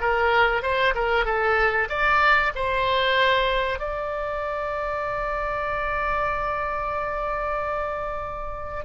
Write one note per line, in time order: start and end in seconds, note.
0.00 0.62 A#4
0.62 0.94 C5
0.95 1.25 A#4
1.25 1.88 A4
1.89 2.52 D5
2.55 3.79 C5
3.79 8.84 D5